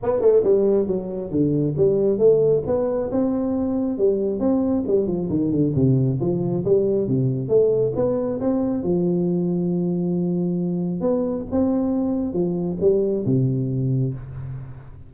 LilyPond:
\new Staff \with { instrumentName = "tuba" } { \time 4/4 \tempo 4 = 136 b8 a8 g4 fis4 d4 | g4 a4 b4 c'4~ | c'4 g4 c'4 g8 f8 | dis8 d8 c4 f4 g4 |
c4 a4 b4 c'4 | f1~ | f4 b4 c'2 | f4 g4 c2 | }